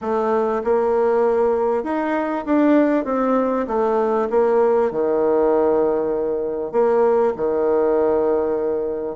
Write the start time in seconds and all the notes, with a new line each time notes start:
0.01 A3
0.64 A#3
1.83 D#4
2.45 D4
3.04 C4
3.67 A3
4.30 A#3
4.91 D#3
6.72 A#3
7.36 D#3